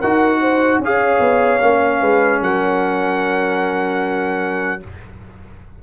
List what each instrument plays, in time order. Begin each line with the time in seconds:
0.00 tuba D#4, trombone F#4, horn A#4, trumpet F#5
0.41 horn C5
0.79 tuba C#4, trombone G#4, horn C#5, trumpet F5
1.20 tuba B3
1.60 tuba A#3, trombone C#4
2.01 tuba G#3, horn B4
2.42 tuba F#3, horn A#4, trumpet F#5